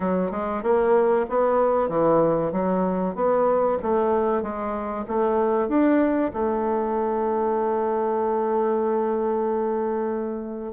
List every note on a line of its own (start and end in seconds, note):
0.00 0.31 F#3
0.31 0.62 G#3
0.62 1.25 A#3
1.29 1.88 B3
1.88 2.51 E3
2.51 3.15 F#3
3.15 3.78 B3
3.82 4.42 A3
4.42 5.05 G#3
5.07 5.68 A3
5.68 6.31 D4
6.33 10.72 A3